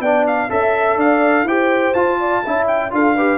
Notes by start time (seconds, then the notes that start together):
0.00 B3 D4 D5 G5
0.27 F5
0.49 C#4 A4 E5
0.96 D4 D5 F5
1.44 E4 G4 C5 G5
1.94 F4 A5
2.19 D5
2.45 C#4 E4 E5
2.67 G5
2.91 D4 F4 A4 F5
3.15 G4 B4